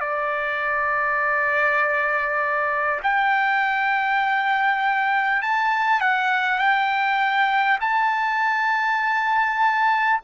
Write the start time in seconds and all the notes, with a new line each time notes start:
0.00 D5
3.03 G5
5.42 A5
6.01 F#5
6.58 G5
7.80 A5